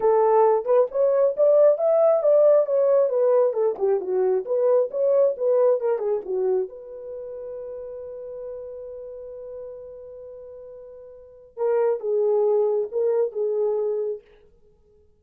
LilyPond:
\new Staff \with { instrumentName = "horn" } { \time 4/4 \tempo 4 = 135 a'4. b'8 cis''4 d''4 | e''4 d''4 cis''4 b'4 | a'8 g'8 fis'4 b'4 cis''4 | b'4 ais'8 gis'8 fis'4 b'4~ |
b'1~ | b'1~ | b'2 ais'4 gis'4~ | gis'4 ais'4 gis'2 | }